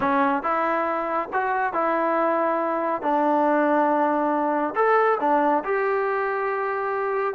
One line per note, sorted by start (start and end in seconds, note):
0.00 0.42 C#4
0.42 1.29 E4
1.33 1.73 F#4
1.73 3.01 E4
3.01 4.74 D4
4.75 5.18 A4
5.20 5.63 D4
5.64 7.34 G4